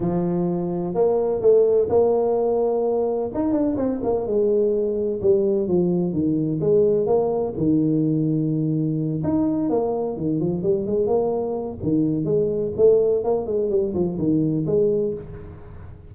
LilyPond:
\new Staff \with { instrumentName = "tuba" } { \time 4/4 \tempo 4 = 127 f2 ais4 a4 | ais2. dis'8 d'8 | c'8 ais8 gis2 g4 | f4 dis4 gis4 ais4 |
dis2.~ dis8 dis'8~ | dis'8 ais4 dis8 f8 g8 gis8 ais8~ | ais4 dis4 gis4 a4 | ais8 gis8 g8 f8 dis4 gis4 | }